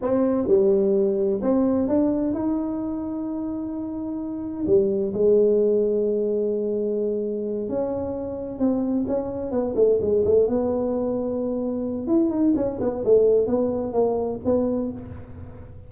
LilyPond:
\new Staff \with { instrumentName = "tuba" } { \time 4/4 \tempo 4 = 129 c'4 g2 c'4 | d'4 dis'2.~ | dis'2 g4 gis4~ | gis1~ |
gis8 cis'2 c'4 cis'8~ | cis'8 b8 a8 gis8 a8 b4.~ | b2 e'8 dis'8 cis'8 b8 | a4 b4 ais4 b4 | }